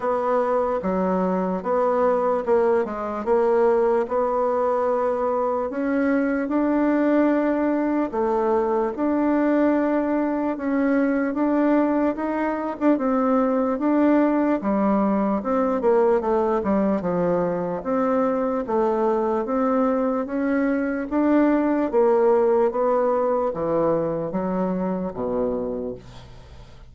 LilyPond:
\new Staff \with { instrumentName = "bassoon" } { \time 4/4 \tempo 4 = 74 b4 fis4 b4 ais8 gis8 | ais4 b2 cis'4 | d'2 a4 d'4~ | d'4 cis'4 d'4 dis'8. d'16 |
c'4 d'4 g4 c'8 ais8 | a8 g8 f4 c'4 a4 | c'4 cis'4 d'4 ais4 | b4 e4 fis4 b,4 | }